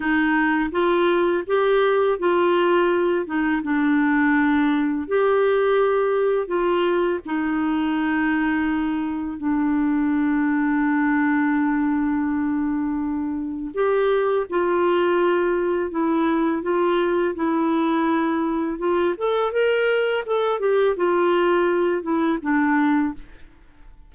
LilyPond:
\new Staff \with { instrumentName = "clarinet" } { \time 4/4 \tempo 4 = 83 dis'4 f'4 g'4 f'4~ | f'8 dis'8 d'2 g'4~ | g'4 f'4 dis'2~ | dis'4 d'2.~ |
d'2. g'4 | f'2 e'4 f'4 | e'2 f'8 a'8 ais'4 | a'8 g'8 f'4. e'8 d'4 | }